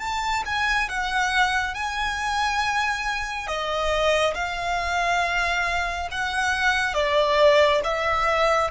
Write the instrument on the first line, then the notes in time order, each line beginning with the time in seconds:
violin
0.00 A5
0.46 G#5
0.89 F#5
1.75 G#5
3.47 D#5
4.35 F5
6.11 F#5
6.94 D5
7.84 E5